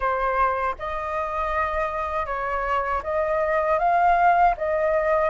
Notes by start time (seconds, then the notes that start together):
0.00 C5
0.78 D#5
2.26 C#5
3.03 D#5
3.78 F5
4.57 D#5